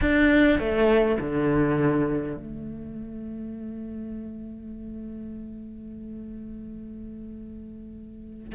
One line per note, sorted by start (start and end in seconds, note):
0.01 0.59 D4
0.59 1.18 A3
1.20 2.36 D3
2.36 8.53 A3